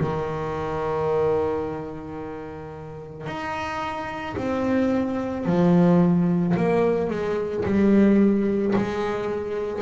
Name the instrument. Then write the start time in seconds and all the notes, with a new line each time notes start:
double bass
0.00 D#3
3.27 D#4
4.37 C4
5.46 F3
6.57 A#3
7.10 G#3
7.65 G3
8.76 G#3